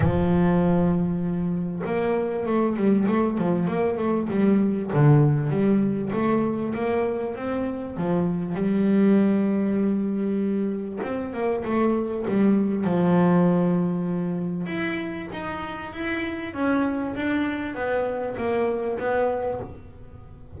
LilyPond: \new Staff \with { instrumentName = "double bass" } { \time 4/4 \tempo 4 = 98 f2. ais4 | a8 g8 a8 f8 ais8 a8 g4 | d4 g4 a4 ais4 | c'4 f4 g2~ |
g2 c'8 ais8 a4 | g4 f2. | e'4 dis'4 e'4 cis'4 | d'4 b4 ais4 b4 | }